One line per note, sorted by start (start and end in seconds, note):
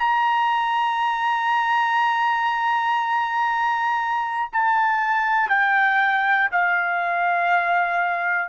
0.00 4.50 A#5
4.52 5.50 A5
5.50 6.50 G5
6.51 8.49 F5